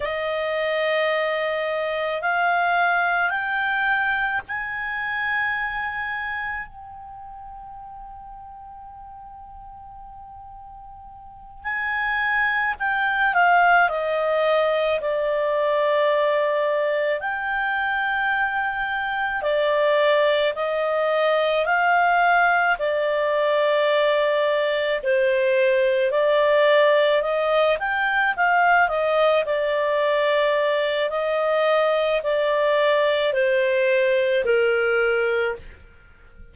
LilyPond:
\new Staff \with { instrumentName = "clarinet" } { \time 4/4 \tempo 4 = 54 dis''2 f''4 g''4 | gis''2 g''2~ | g''2~ g''8 gis''4 g''8 | f''8 dis''4 d''2 g''8~ |
g''4. d''4 dis''4 f''8~ | f''8 d''2 c''4 d''8~ | d''8 dis''8 g''8 f''8 dis''8 d''4. | dis''4 d''4 c''4 ais'4 | }